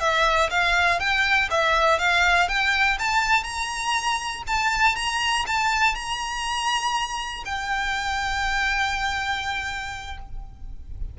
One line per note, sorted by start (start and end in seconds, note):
0.00 0.50 E5
0.50 0.99 F5
0.99 1.49 G5
1.50 1.99 E5
1.99 2.49 F5
2.49 2.98 G5
2.99 3.43 A5
3.43 4.43 A#5
4.47 4.95 A5
4.95 5.45 A#5
5.47 5.95 A5
5.95 7.44 A#5
7.45 10.18 G5